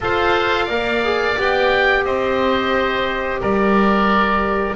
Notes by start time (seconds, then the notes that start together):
0.00 F4 A4 C5 F5
0.65 A#3 A#4 D5
1.04 G#4
1.36 B3 G4 G5
2.04 C4 C5 D#5
3.40 G3 A#4 D5